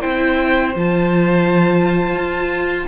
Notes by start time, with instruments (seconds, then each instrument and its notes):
0.00 cello C4, viola E4, violin C5 G5
0.75 cello F3, viola F4, violin A5
2.15 cello F4